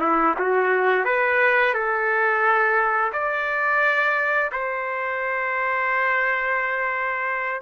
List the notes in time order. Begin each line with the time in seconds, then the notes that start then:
0.00 E4
0.38 F#4
1.04 B4
1.74 A4
3.13 D5
4.52 C5